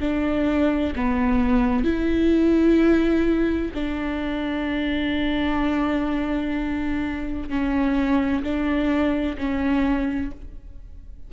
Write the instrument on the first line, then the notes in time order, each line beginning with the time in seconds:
viola
0.00 D4
0.95 B3
1.84 E4
3.74 D4
7.49 C#4
8.43 D4
9.37 C#4